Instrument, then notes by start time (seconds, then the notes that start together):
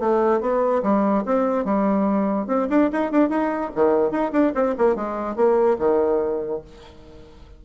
bassoon
0.00 A3
0.41 B3
0.83 G3
1.26 C4
1.65 G3
2.48 C4
2.70 D4
2.92 D#4
3.12 D4
3.30 D#4
3.75 D#3
4.11 D#4
4.33 D4
4.55 C4
4.78 A#3
4.96 G#3
5.36 A#3
5.79 D#3